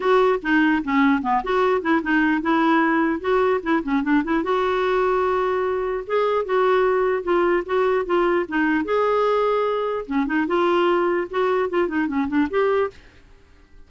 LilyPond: \new Staff \with { instrumentName = "clarinet" } { \time 4/4 \tempo 4 = 149 fis'4 dis'4 cis'4 b8 fis'8~ | fis'8 e'8 dis'4 e'2 | fis'4 e'8 cis'8 d'8 e'8 fis'4~ | fis'2. gis'4 |
fis'2 f'4 fis'4 | f'4 dis'4 gis'2~ | gis'4 cis'8 dis'8 f'2 | fis'4 f'8 dis'8 cis'8 d'8 g'4 | }